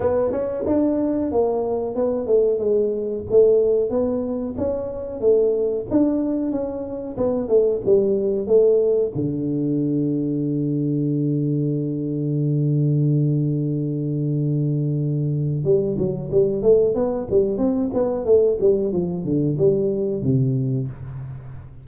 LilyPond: \new Staff \with { instrumentName = "tuba" } { \time 4/4 \tempo 4 = 92 b8 cis'8 d'4 ais4 b8 a8 | gis4 a4 b4 cis'4 | a4 d'4 cis'4 b8 a8 | g4 a4 d2~ |
d1~ | d1 | g8 fis8 g8 a8 b8 g8 c'8 b8 | a8 g8 f8 d8 g4 c4 | }